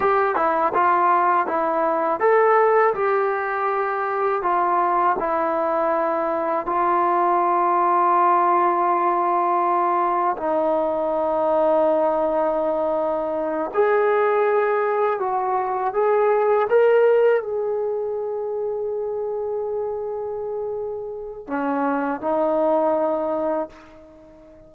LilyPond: \new Staff \with { instrumentName = "trombone" } { \time 4/4 \tempo 4 = 81 g'8 e'8 f'4 e'4 a'4 | g'2 f'4 e'4~ | e'4 f'2.~ | f'2 dis'2~ |
dis'2~ dis'8 gis'4.~ | gis'8 fis'4 gis'4 ais'4 gis'8~ | gis'1~ | gis'4 cis'4 dis'2 | }